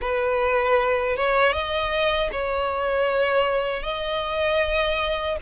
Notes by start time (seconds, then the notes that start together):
0.01 B4
1.16 C#5
1.52 D#5
2.31 C#5
3.82 D#5